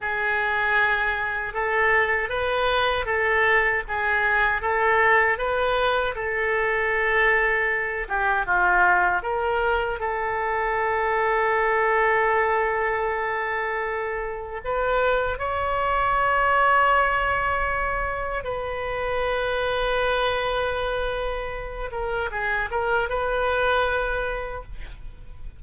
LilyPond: \new Staff \with { instrumentName = "oboe" } { \time 4/4 \tempo 4 = 78 gis'2 a'4 b'4 | a'4 gis'4 a'4 b'4 | a'2~ a'8 g'8 f'4 | ais'4 a'2.~ |
a'2. b'4 | cis''1 | b'1~ | b'8 ais'8 gis'8 ais'8 b'2 | }